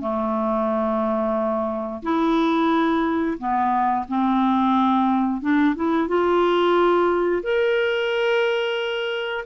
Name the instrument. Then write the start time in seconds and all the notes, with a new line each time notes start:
clarinet
0.00 A3
2.03 E4
3.38 B3
4.08 C4
5.41 D4
5.75 E4
6.08 F4
7.43 A#4